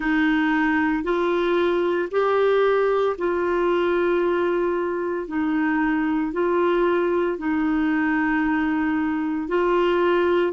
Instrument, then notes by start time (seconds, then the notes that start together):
clarinet
0.00 D#4
1.03 F4
2.11 G4
3.18 F4
5.27 D#4
6.32 F4
7.37 D#4
9.48 F4